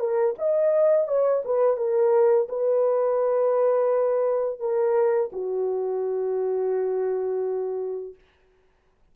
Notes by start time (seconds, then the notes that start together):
0.00 A#4
0.39 D#5
1.08 C#5
1.45 B4
1.77 A#4
2.49 B4
4.60 A#4
5.33 F#4